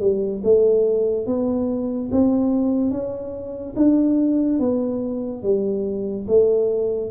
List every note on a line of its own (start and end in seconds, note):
0.00 0.42 G3
0.44 1.27 A3
1.27 2.10 B3
2.12 2.91 C4
2.91 3.74 C#4
3.76 4.59 D4
4.59 5.43 B3
5.43 6.26 G3
6.28 7.11 A3